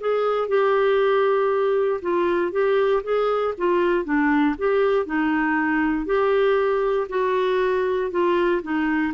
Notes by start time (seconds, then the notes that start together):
0.00 G#4
0.48 G4
2.02 F4
2.52 G4
3.03 G#4
3.58 F4
4.04 D4
4.58 G4
5.06 D#4
6.06 G4
7.09 F#4
8.11 F4
8.63 D#4